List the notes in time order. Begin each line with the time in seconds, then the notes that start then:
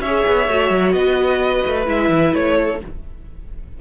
0.00 C#4 C#5 E5
0.07 G#4
0.28 B3
0.48 A3 F#4
0.71 F#3
0.92 B3 B4 D#5
1.67 A3
1.86 G#3 E4 E5
2.09 E3
2.35 A3 C#5
2.57 A4